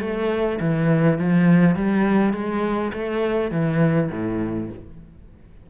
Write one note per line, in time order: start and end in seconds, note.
0.00 0.59 A3
0.60 1.18 E3
1.18 1.75 F3
1.75 2.33 G3
2.33 2.91 G#3
2.93 3.51 A3
3.51 4.10 E3
4.11 4.70 A2